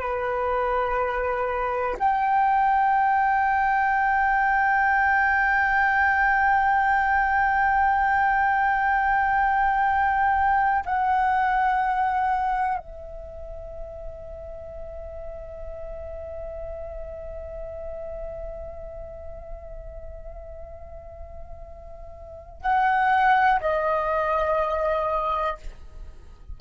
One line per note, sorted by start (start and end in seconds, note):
0.00 1.97 B4
1.99 10.85 G5
10.86 12.78 F#5
12.78 22.61 E5
22.61 23.60 F#5
23.61 25.58 D#5